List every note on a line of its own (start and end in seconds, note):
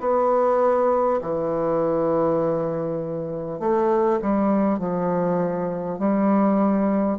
0.00 1.20 B3
1.22 3.59 E3
3.59 4.19 A3
4.22 4.79 G3
4.79 5.98 F3
5.98 7.18 G3